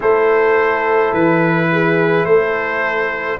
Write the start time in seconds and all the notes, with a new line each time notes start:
0.00 A3 E4 A4 C5
1.13 E3 B4
1.72 G#4
2.24 A3 A4 C5